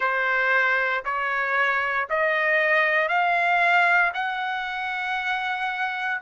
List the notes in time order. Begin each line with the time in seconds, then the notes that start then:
0.00 C5
1.04 C#5
2.09 D#5
3.08 F5
4.14 F#5